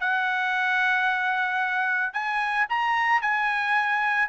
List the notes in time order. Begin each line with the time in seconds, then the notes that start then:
0.00 F#5
2.13 G#5
2.69 A#5
3.21 G#5